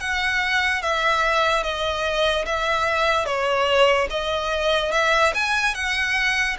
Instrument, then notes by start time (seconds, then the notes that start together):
violin
0.00 F#5
0.82 E5
1.63 D#5
2.45 E5
3.25 C#5
4.10 D#5
4.92 E5
5.34 G#5
5.75 F#5